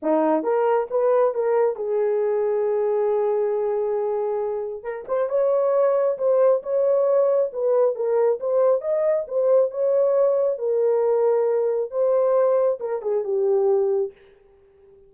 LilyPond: \new Staff \with { instrumentName = "horn" } { \time 4/4 \tempo 4 = 136 dis'4 ais'4 b'4 ais'4 | gis'1~ | gis'2. ais'8 c''8 | cis''2 c''4 cis''4~ |
cis''4 b'4 ais'4 c''4 | dis''4 c''4 cis''2 | ais'2. c''4~ | c''4 ais'8 gis'8 g'2 | }